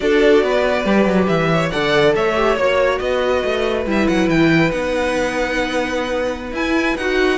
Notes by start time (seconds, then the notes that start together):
0.00 D4 F#4 A4 D5
0.42 B3 B4
0.85 G3 G4
1.05 F#3
1.27 E3 E5
1.52 C#5
1.69 D3 A4 D5 F#5
2.15 A3 C#5 E5
2.35 G4
2.56 A#3 F#4 C#5
2.98 B3 B4 D#5
3.43 A3
3.86 G3 E4 E5
4.07 F#3 F#5
4.28 E3 G5
4.70 B3 D#4 F#5
6.52 E4 G#5
6.96 D#4 F#4 F#5